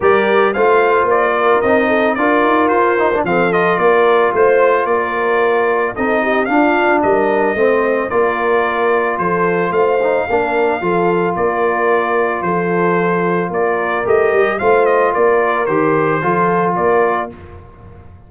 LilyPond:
<<
  \new Staff \with { instrumentName = "trumpet" } { \time 4/4 \tempo 4 = 111 d''4 f''4 d''4 dis''4 | d''4 c''4 f''8 dis''8 d''4 | c''4 d''2 dis''4 | f''4 dis''2 d''4~ |
d''4 c''4 f''2~ | f''4 d''2 c''4~ | c''4 d''4 dis''4 f''8 dis''8 | d''4 c''2 d''4 | }
  \new Staff \with { instrumentName = "horn" } { \time 4/4 ais'4 c''4. ais'4 a'8 | ais'2 a'4 ais'4 | c''4 ais'2 a'8 g'8 | f'4 ais'4 c''4 ais'4~ |
ais'4 a'4 c''4 ais'4 | a'4 ais'2 a'4~ | a'4 ais'2 c''4 | ais'2 a'4 ais'4 | }
  \new Staff \with { instrumentName = "trombone" } { \time 4/4 g'4 f'2 dis'4 | f'4. dis'16 d'16 c'8 f'4.~ | f'2. dis'4 | d'2 c'4 f'4~ |
f'2~ f'8 dis'8 d'4 | f'1~ | f'2 g'4 f'4~ | f'4 g'4 f'2 | }
  \new Staff \with { instrumentName = "tuba" } { \time 4/4 g4 a4 ais4 c'4 | d'8 dis'8 f'4 f4 ais4 | a4 ais2 c'4 | d'4 g4 a4 ais4~ |
ais4 f4 a4 ais4 | f4 ais2 f4~ | f4 ais4 a8 g8 a4 | ais4 dis4 f4 ais4 | }
>>